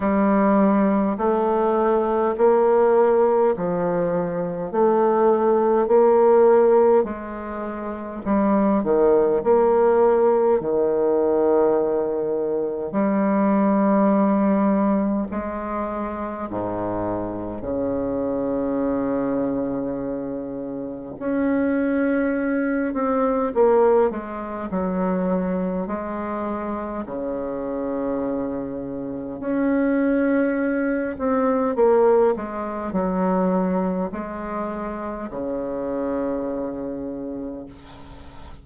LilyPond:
\new Staff \with { instrumentName = "bassoon" } { \time 4/4 \tempo 4 = 51 g4 a4 ais4 f4 | a4 ais4 gis4 g8 dis8 | ais4 dis2 g4~ | g4 gis4 gis,4 cis4~ |
cis2 cis'4. c'8 | ais8 gis8 fis4 gis4 cis4~ | cis4 cis'4. c'8 ais8 gis8 | fis4 gis4 cis2 | }